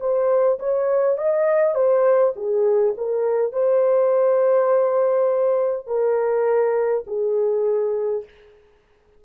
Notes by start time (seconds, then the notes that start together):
0.00 C5
0.59 C#5
1.18 D#5
1.75 C5
2.36 G#4
2.97 A#4
3.52 C5
5.87 A#4
7.07 G#4